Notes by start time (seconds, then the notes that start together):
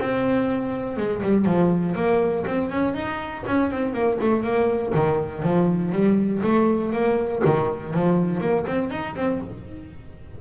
0.00 C4
0.97 G#3
1.23 G3
1.46 F3
1.96 A#3
2.47 C4
2.71 C#4
2.95 D#4
3.47 C#4
3.71 C4
3.94 A#3
4.21 A3
4.44 A#3
4.95 D#3
5.43 F3
5.93 G3
6.43 A3
6.93 A#3
7.45 D#3
7.94 F3
8.41 A#3
8.67 C4
8.91 D#4
9.16 C4